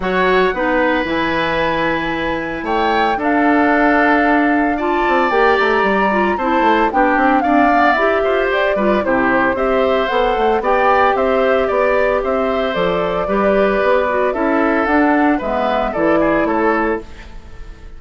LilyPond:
<<
  \new Staff \with { instrumentName = "flute" } { \time 4/4 \tempo 4 = 113 fis''2 gis''2~ | gis''4 g''4 f''2~ | f''4 a''4 g''8 ais''4. | a''4 g''4 f''4 e''4 |
d''4 c''4 e''4 fis''4 | g''4 e''4 d''4 e''4 | d''2. e''4 | fis''4 e''4 d''4 cis''4 | }
  \new Staff \with { instrumentName = "oboe" } { \time 4/4 cis''4 b'2.~ | b'4 cis''4 a'2~ | a'4 d''2. | c''4 g'4 d''4. c''8~ |
c''8 b'8 g'4 c''2 | d''4 c''4 d''4 c''4~ | c''4 b'2 a'4~ | a'4 b'4 a'8 gis'8 a'4 | }
  \new Staff \with { instrumentName = "clarinet" } { \time 4/4 fis'4 dis'4 e'2~ | e'2 d'2~ | d'4 f'4 g'4. f'8 | e'4 d'4 c'8 b8 g'4~ |
g'8 f'8 e'4 g'4 a'4 | g'1 | a'4 g'4. fis'8 e'4 | d'4 b4 e'2 | }
  \new Staff \with { instrumentName = "bassoon" } { \time 4/4 fis4 b4 e2~ | e4 a4 d'2~ | d'4. c'8 ais8 a8 g4 | c'8 a8 b8 c'8 d'4 e'8 f'8 |
g'8 g8 c4 c'4 b8 a8 | b4 c'4 b4 c'4 | f4 g4 b4 cis'4 | d'4 gis4 e4 a4 | }
>>